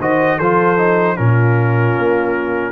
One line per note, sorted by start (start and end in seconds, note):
0.00 0.39 D#3
0.00 0.40 F#4
0.00 0.37 C5
0.00 0.39 D#5
0.37 1.19 F3
0.37 0.77 F4
0.37 1.16 A4
0.37 1.17 C5
0.77 1.16 D#4
1.16 1.98 A#2
1.16 2.72 C#4
1.16 2.72 F4
1.16 2.72 A#4
1.98 2.72 A#3